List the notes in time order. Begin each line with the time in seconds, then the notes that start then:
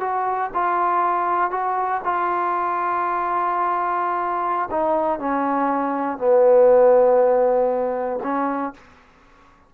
0.00 F#4
0.54 F4
1.51 F#4
2.04 F4
4.71 D#4
5.19 C#4
6.18 B3
8.23 C#4